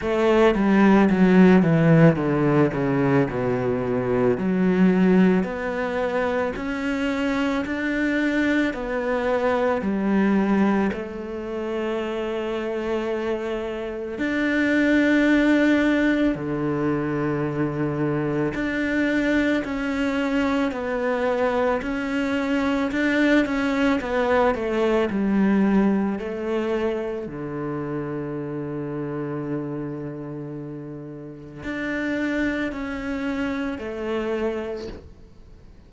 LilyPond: \new Staff \with { instrumentName = "cello" } { \time 4/4 \tempo 4 = 55 a8 g8 fis8 e8 d8 cis8 b,4 | fis4 b4 cis'4 d'4 | b4 g4 a2~ | a4 d'2 d4~ |
d4 d'4 cis'4 b4 | cis'4 d'8 cis'8 b8 a8 g4 | a4 d2.~ | d4 d'4 cis'4 a4 | }